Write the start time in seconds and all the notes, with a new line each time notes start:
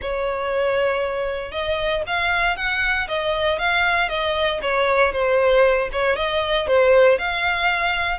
0.01 C#5
1.51 D#5
2.07 F5
2.56 F#5
3.08 D#5
3.59 F5
4.09 D#5
4.62 C#5
5.12 C5
5.92 C#5
6.16 D#5
6.67 C5
7.18 F5